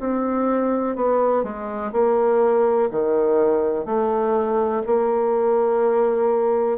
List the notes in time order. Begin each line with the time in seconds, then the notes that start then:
0.00 C4
0.96 B3
1.43 G#3
1.92 A#3
2.91 D#3
3.85 A3
4.86 A#3